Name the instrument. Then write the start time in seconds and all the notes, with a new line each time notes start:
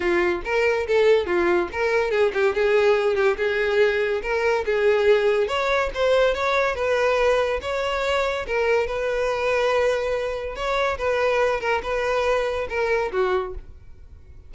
violin
0.00 F4
0.44 A#4
0.87 A4
1.26 F4
1.72 A#4
2.10 G#4
2.33 G4
2.54 G#4
3.15 G4
3.37 G#4
4.22 A#4
4.65 G#4
5.47 C#5
5.94 C5
6.34 C#5
6.75 B4
7.61 C#5
8.46 A#4
8.86 B4
10.55 C#5
10.98 B4
11.60 A#4
11.83 B4
12.69 A#4
13.12 F#4